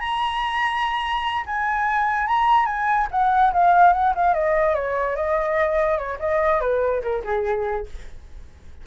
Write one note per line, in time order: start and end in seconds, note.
0.00 1.45 A#5
1.46 2.27 G#5
2.27 2.66 A#5
2.66 3.08 G#5
3.11 3.53 F#5
3.53 3.93 F5
3.93 4.14 F#5
4.15 4.34 F5
4.34 4.75 D#5
4.75 5.16 C#5
5.16 5.98 D#5
5.98 6.18 C#5
6.19 6.61 D#5
6.61 7.02 B4
7.02 7.23 A#4
7.24 7.86 G#4